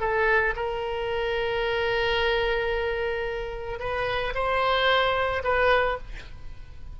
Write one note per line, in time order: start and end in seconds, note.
0.00 0.54 A4
0.56 3.79 A#4
3.79 4.33 B4
4.34 5.42 C5
5.43 5.98 B4